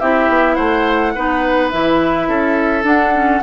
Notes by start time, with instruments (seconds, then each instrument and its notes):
0.00 bassoon C4, clarinet E4, oboe G4, flute E5
0.29 bassoon B3
0.55 bassoon A3, oboe C5, flute F#5
1.15 bassoon B3, clarinet D#4, oboe B4
1.70 bassoon E3, clarinet E4, flute E5
2.28 bassoon C#4, oboe A4
2.84 bassoon D4, clarinet D4, flute F#5
3.14 clarinet C#4